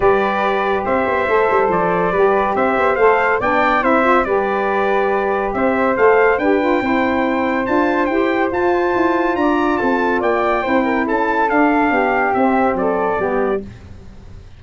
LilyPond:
<<
  \new Staff \with { instrumentName = "trumpet" } { \time 4/4 \tempo 4 = 141 d''2 e''2 | d''2 e''4 f''4 | g''4 e''4 d''2~ | d''4 e''4 f''4 g''4~ |
g''2 a''4 g''4 | a''2 ais''4 a''4 | g''2 a''4 f''4~ | f''4 e''4 d''2 | }
  \new Staff \with { instrumentName = "flute" } { \time 4/4 b'2 c''2~ | c''4 b'4 c''2 | d''4 c''4 b'2~ | b'4 c''2 b'4 |
c''1~ | c''2 d''4 a'4 | d''4 c''8 ais'8 a'2 | g'2 a'4 g'4 | }
  \new Staff \with { instrumentName = "saxophone" } { \time 4/4 g'2. a'4~ | a'4 g'2 a'4 | d'4 e'8 f'8 g'2~ | g'2 a'4 g'8 f'8 |
e'2 f'4 g'4 | f'1~ | f'4 e'2 d'4~ | d'4 c'2 b4 | }
  \new Staff \with { instrumentName = "tuba" } { \time 4/4 g2 c'8 b8 a8 g8 | f4 g4 c'8 b8 a4 | b4 c'4 g2~ | g4 c'4 a4 d'4 |
c'2 d'4 e'4 | f'4 e'4 d'4 c'4 | ais4 c'4 cis'4 d'4 | b4 c'4 fis4 g4 | }
>>